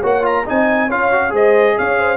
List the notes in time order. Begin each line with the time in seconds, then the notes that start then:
0.00 A#3 F#4 C#5 F#5
0.23 F4 A#5
0.46 C4 D#4 D#5 G#5
0.88 C#4 F4 C#5 F5
1.12 F#4
1.30 G#3 G#4 C5 D#5
1.78 C#4 C#5 F5
1.99 C5